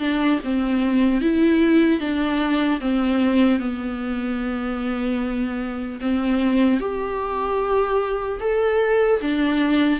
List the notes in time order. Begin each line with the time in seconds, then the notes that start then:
0.00 D4
0.44 C4
1.21 E4
2.00 D4
2.81 C4
3.60 B3
6.01 C4
6.80 G4
8.41 A4
9.21 D4